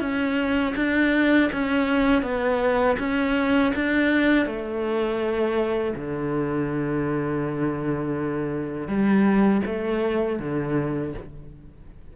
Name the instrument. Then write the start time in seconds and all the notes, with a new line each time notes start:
cello
0.00 C#4
0.76 D4
1.52 C#4
2.22 B3
2.99 C#4
3.75 D4
4.46 A3
5.95 D3
8.88 G3
9.65 A3
10.39 D3